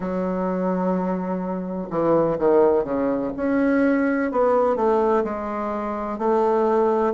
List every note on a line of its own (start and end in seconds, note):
0.00 1.88 F#3
1.90 2.37 E3
2.38 2.84 D#3
2.84 3.31 C#3
3.36 4.31 C#4
4.31 4.76 B3
4.76 5.23 A3
5.23 6.18 G#3
6.18 7.13 A3